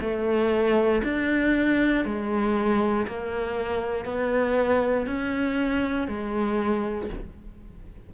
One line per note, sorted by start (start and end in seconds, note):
0.00 1.02 A3
1.03 2.05 D4
2.05 3.06 G#3
3.07 4.04 A#3
4.04 5.06 B3
5.07 6.07 C#4
6.07 7.09 G#3